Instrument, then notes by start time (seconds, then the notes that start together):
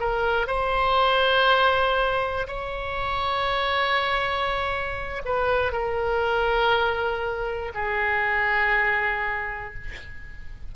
oboe
0.00 A#4
0.47 C5
2.48 C#5
5.25 B4
5.73 A#4
7.74 G#4